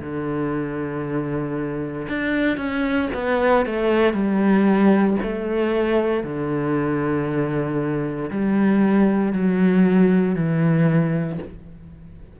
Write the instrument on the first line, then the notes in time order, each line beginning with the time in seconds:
cello
0.00 D3
2.08 D4
2.57 C#4
3.14 B3
3.66 A3
4.13 G3
5.22 A3
6.24 D3
8.30 G3
9.32 F#3
10.35 E3